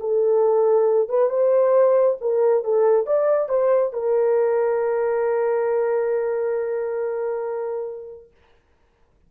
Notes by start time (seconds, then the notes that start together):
0.00 A4
1.09 B4
1.30 C5
2.21 A#4
2.64 A4
3.06 D5
3.49 C5
3.93 A#4